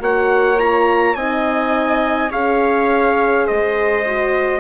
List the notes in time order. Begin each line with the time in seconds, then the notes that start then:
0.00 A#3 F#4 C#5 F#5
0.59 F4 A#5
1.15 C4 D#4 D#5 G#5
2.31 C#4 G#4 C#5 F5
3.46 G#3 C5 D#5
4.06 F#4